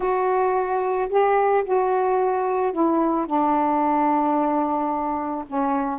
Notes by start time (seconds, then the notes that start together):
0.00 F#4
1.09 G4
1.64 F#4
2.72 E4
3.26 D4
5.47 C#4